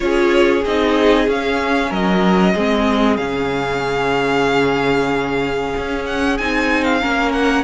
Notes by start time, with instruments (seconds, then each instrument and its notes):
0.00 cello C#4, viola F4, violin G#4 C#5
0.65 cello C4, viola D#4, violin D#5
1.27 cello C#4, viola C#4, violin F5
1.89 cello F#3, violin A#4 D#5
2.53 cello G#3, viola C4, violin G#4
3.16 cello C#3, viola C#4, violin F5
5.77 cello C#4
6.05 violin F#5
6.37 cello C4, viola D#4, violin G#5
6.84 violin F5
7.00 cello A#3, viola C#4, violin A#4
7.32 violin F#5